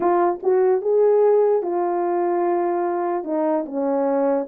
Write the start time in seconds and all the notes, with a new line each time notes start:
0.00 F4
0.42 F#4
0.81 G#4
1.62 F4
3.24 D#4
3.65 C#4